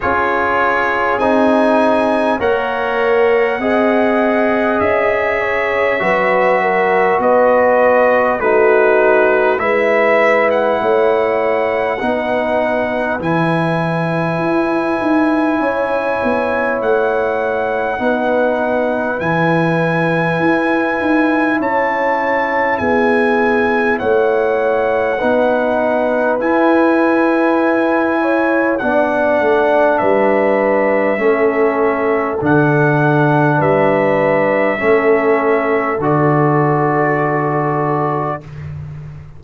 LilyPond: <<
  \new Staff \with { instrumentName = "trumpet" } { \time 4/4 \tempo 4 = 50 cis''4 gis''4 fis''2 | e''2 dis''4 b'4 | e''8. fis''2~ fis''16 gis''4~ | gis''2 fis''2 |
gis''2 a''4 gis''4 | fis''2 gis''2 | fis''4 e''2 fis''4 | e''2 d''2 | }
  \new Staff \with { instrumentName = "horn" } { \time 4/4 gis'2 cis''4 dis''4~ | dis''8 cis''8 b'8 ais'8 b'4 fis'4 | b'4 cis''4 b'2~ | b'4 cis''2 b'4~ |
b'2 cis''4 gis'4 | cis''4 b'2~ b'8 cis''8 | d''4 b'4 a'2 | b'4 a'2. | }
  \new Staff \with { instrumentName = "trombone" } { \time 4/4 f'4 dis'4 ais'4 gis'4~ | gis'4 fis'2 dis'4 | e'2 dis'4 e'4~ | e'2. dis'4 |
e'1~ | e'4 dis'4 e'2 | d'2 cis'4 d'4~ | d'4 cis'4 fis'2 | }
  \new Staff \with { instrumentName = "tuba" } { \time 4/4 cis'4 c'4 ais4 c'4 | cis'4 fis4 b4 a4 | gis4 a4 b4 e4 | e'8 dis'8 cis'8 b8 a4 b4 |
e4 e'8 dis'8 cis'4 b4 | a4 b4 e'2 | b8 a8 g4 a4 d4 | g4 a4 d2 | }
>>